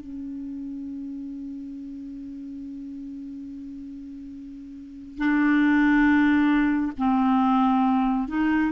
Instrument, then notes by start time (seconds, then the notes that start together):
clarinet
0.00 C#4
5.18 D4
6.98 C4
8.28 D#4